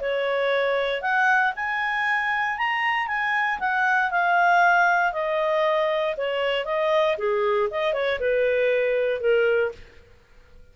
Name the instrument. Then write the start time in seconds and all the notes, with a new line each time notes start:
clarinet
0.00 C#5
1.02 F#5
1.55 G#5
2.58 A#5
3.07 G#5
3.59 F#5
4.11 F5
5.13 D#5
6.17 C#5
6.65 D#5
7.18 G#4
7.71 D#5
7.93 C#5
8.20 B4
9.21 A#4